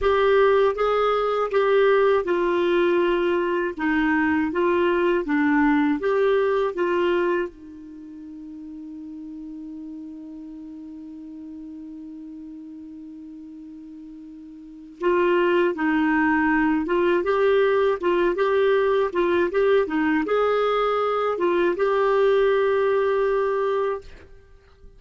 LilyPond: \new Staff \with { instrumentName = "clarinet" } { \time 4/4 \tempo 4 = 80 g'4 gis'4 g'4 f'4~ | f'4 dis'4 f'4 d'4 | g'4 f'4 dis'2~ | dis'1~ |
dis'1 | f'4 dis'4. f'8 g'4 | f'8 g'4 f'8 g'8 dis'8 gis'4~ | gis'8 f'8 g'2. | }